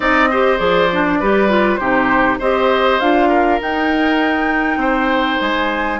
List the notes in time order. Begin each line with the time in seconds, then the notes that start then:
0.00 C4 D#4 D5 D#5
0.30 G4 C5
0.57 F3 G#4 D5
0.92 D4
1.19 G3 G4 B4
1.49 F4
1.76 C3 D#4 G4 C5
2.38 C4 G4 C5 D#5
2.99 D4 F4 F5
3.28 A#4
3.60 D#4 G5
4.76 C4 C5
5.40 G#3 G#5